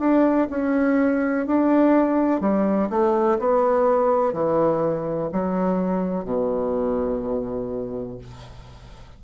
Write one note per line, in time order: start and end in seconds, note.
0.00 0.48 D4
0.51 1.47 C#4
1.47 2.41 D4
2.41 2.89 G3
2.90 3.39 A3
3.40 4.33 B3
4.33 5.30 E3
5.33 6.25 F#3
6.25 8.19 B2